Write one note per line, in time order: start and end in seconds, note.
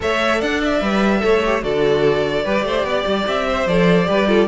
0.00 0.42 A3
0.00 0.80 A4
0.00 0.39 C#5
0.00 0.41 E5
0.39 0.81 D4
0.39 1.20 D5
0.39 0.61 F#5
0.63 1.63 E5
0.81 1.22 G3
0.81 1.19 B4
1.19 1.63 A3
1.19 1.40 A4
1.19 1.63 C#5
1.45 1.61 G4
1.61 2.44 D3
1.61 2.43 F#4
1.61 2.44 A4
1.61 3.26 D5
2.44 2.63 G3
2.44 3.67 G4
2.44 2.64 B4
2.63 2.83 A3
2.63 2.86 C5
2.83 3.04 B3
2.83 3.47 D5
3.06 3.26 G3
3.27 3.66 C4
3.27 3.67 E5
3.47 4.08 C5
3.66 4.07 F3
3.66 4.05 A4
3.66 4.47 D5
4.05 4.47 G3
4.05 4.26 G4
4.05 4.28 B4
4.27 4.47 F4
4.27 4.47 A4